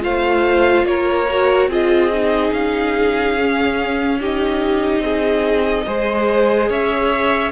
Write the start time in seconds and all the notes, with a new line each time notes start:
0.00 A3 F4 C5 F5
0.84 A#3 A#4 C#5
1.31 F#4
1.68 C4 F4 G#4 D#5
2.12 D#4
2.52 C#4 F5
3.38 C#4
4.20 D#4 G4 D#5
5.00 C4 G#4
5.86 G#3 G#4 C5
6.69 C#4 C#5 E5